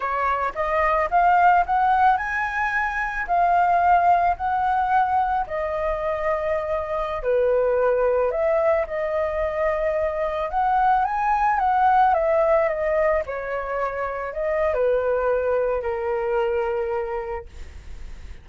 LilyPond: \new Staff \with { instrumentName = "flute" } { \time 4/4 \tempo 4 = 110 cis''4 dis''4 f''4 fis''4 | gis''2 f''2 | fis''2 dis''2~ | dis''4~ dis''16 b'2 e''8.~ |
e''16 dis''2. fis''8.~ | fis''16 gis''4 fis''4 e''4 dis''8.~ | dis''16 cis''2 dis''8. b'4~ | b'4 ais'2. | }